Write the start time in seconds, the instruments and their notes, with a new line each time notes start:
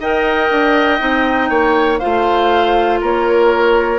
0.00 bassoon D#4, clarinet A#4, oboe D#5, flute G5
0.50 bassoon D4
0.99 bassoon C4, clarinet D#4
1.50 bassoon A#3, oboe C#5
1.99 bassoon A3, clarinet F4, oboe C5, flute F5
3.01 bassoon A#3, oboe A#4, flute C#5